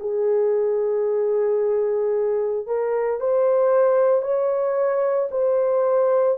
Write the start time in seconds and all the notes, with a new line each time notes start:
0.00 G#4
2.67 A#4
3.21 C5
4.22 C#5
5.32 C5